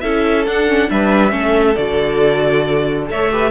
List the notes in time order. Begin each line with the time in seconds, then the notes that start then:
0.00 C#4 E4 A4 E5
0.47 D4 F#5
0.68 C#4
0.88 G3 D4 B4 E5
1.30 A3 C#4 A4
1.76 D3 F#4 D5
3.07 A3 A4 C#5 E5
3.32 G4 B4